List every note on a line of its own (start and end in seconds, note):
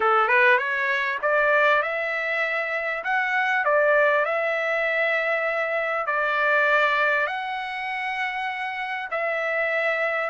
0.00 0.28 A4
0.28 0.58 B4
0.58 1.18 C#5
1.21 1.82 D5
1.82 3.03 E5
3.04 3.64 F#5
3.64 4.25 D5
4.25 6.06 E5
6.06 7.26 D5
7.26 9.08 F#5
9.10 10.30 E5